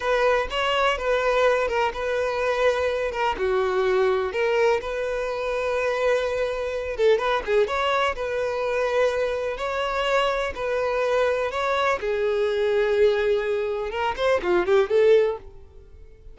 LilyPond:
\new Staff \with { instrumentName = "violin" } { \time 4/4 \tempo 4 = 125 b'4 cis''4 b'4. ais'8 | b'2~ b'8 ais'8 fis'4~ | fis'4 ais'4 b'2~ | b'2~ b'8 a'8 b'8 gis'8 |
cis''4 b'2. | cis''2 b'2 | cis''4 gis'2.~ | gis'4 ais'8 c''8 f'8 g'8 a'4 | }